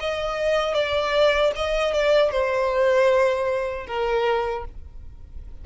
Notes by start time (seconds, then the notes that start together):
0.00 D#5
0.74 D5
1.56 D#5
1.93 D5
2.31 C5
3.87 A#4